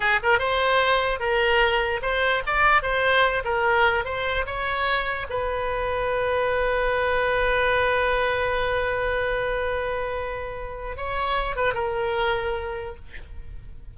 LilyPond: \new Staff \with { instrumentName = "oboe" } { \time 4/4 \tempo 4 = 148 gis'8 ais'8 c''2 ais'4~ | ais'4 c''4 d''4 c''4~ | c''8 ais'4. c''4 cis''4~ | cis''4 b'2.~ |
b'1~ | b'1~ | b'2. cis''4~ | cis''8 b'8 ais'2. | }